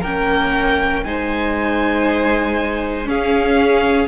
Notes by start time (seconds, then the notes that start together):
0.00 A#3 C#4 A#4 G5
1.04 G#3 D#4 C5 G#5
3.04 C#4 G#4 F5